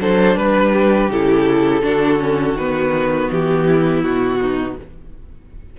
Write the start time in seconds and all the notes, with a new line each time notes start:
0.00 F#3 D4 A4 C5
0.36 G3 B4
0.72 G4
1.09 C#3 E4 A4
1.82 D3 D4 F#4
2.20 C#4
2.55 D#3 B3 B4
3.31 E3 G4
3.66 E4
4.04 B2 F#4
4.41 D#4